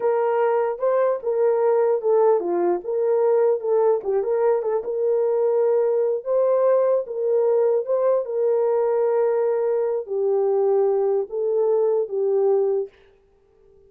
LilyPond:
\new Staff \with { instrumentName = "horn" } { \time 4/4 \tempo 4 = 149 ais'2 c''4 ais'4~ | ais'4 a'4 f'4 ais'4~ | ais'4 a'4 g'8 ais'4 a'8 | ais'2.~ ais'8 c''8~ |
c''4. ais'2 c''8~ | c''8 ais'2.~ ais'8~ | ais'4 g'2. | a'2 g'2 | }